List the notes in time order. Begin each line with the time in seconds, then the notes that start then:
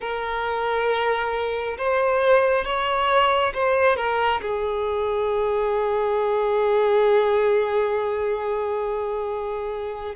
0.00 A#4
1.77 C5
2.65 C#5
3.53 C5
3.96 A#4
4.41 G#4